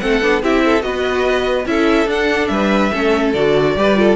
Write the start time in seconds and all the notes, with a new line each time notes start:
0.00 A3 C4 A4 F#5
0.22 B3 D4
0.42 C4 E4 G4 E5
0.64 A4
0.81 B3 F#4 B4 D#5
1.66 C#4 E4 A4 E5
2.06 D4 F#5
2.47 G3 B4 E5
2.92 A3 C#4 A4
3.33 D3 F#4 D5
3.76 G3 G4 B4
3.95 F4 A4